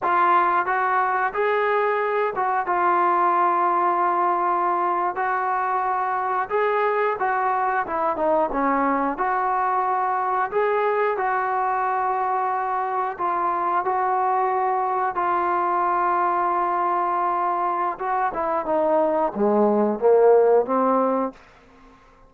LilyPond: \new Staff \with { instrumentName = "trombone" } { \time 4/4 \tempo 4 = 90 f'4 fis'4 gis'4. fis'8 | f'2.~ f'8. fis'16~ | fis'4.~ fis'16 gis'4 fis'4 e'16~ | e'16 dis'8 cis'4 fis'2 gis'16~ |
gis'8. fis'2. f'16~ | f'8. fis'2 f'4~ f'16~ | f'2. fis'8 e'8 | dis'4 gis4 ais4 c'4 | }